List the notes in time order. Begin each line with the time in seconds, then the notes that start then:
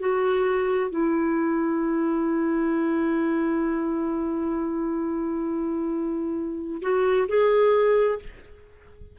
0.00 F#4
0.91 E4
6.82 F#4
7.29 G#4